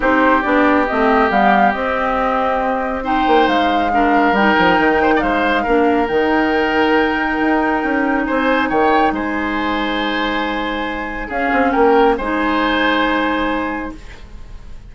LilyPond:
<<
  \new Staff \with { instrumentName = "flute" } { \time 4/4 \tempo 4 = 138 c''4 d''4 dis''4 f''4 | dis''2. g''4 | f''2 g''2 | f''2 g''2~ |
g''2. gis''4 | g''4 gis''2.~ | gis''2 f''4 g''4 | gis''1 | }
  \new Staff \with { instrumentName = "oboe" } { \time 4/4 g'1~ | g'2. c''4~ | c''4 ais'2~ ais'8 c''16 d''16 | c''4 ais'2.~ |
ais'2. c''4 | cis''4 c''2.~ | c''2 gis'4 ais'4 | c''1 | }
  \new Staff \with { instrumentName = "clarinet" } { \time 4/4 dis'4 d'4 c'4 b4 | c'2. dis'4~ | dis'4 d'4 dis'2~ | dis'4 d'4 dis'2~ |
dis'1~ | dis'1~ | dis'2 cis'2 | dis'1 | }
  \new Staff \with { instrumentName = "bassoon" } { \time 4/4 c'4 b4 a4 g4 | c'2.~ c'8 ais8 | gis2 g8 f8 dis4 | gis4 ais4 dis2~ |
dis4 dis'4 cis'4 c'4 | dis4 gis2.~ | gis2 cis'8 c'8 ais4 | gis1 | }
>>